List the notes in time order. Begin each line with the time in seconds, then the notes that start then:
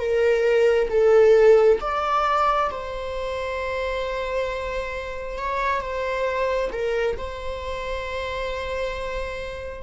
0.00 A#4
0.90 A4
1.81 D5
2.72 C5
5.39 C#5
5.81 C5
6.72 A#4
7.18 C5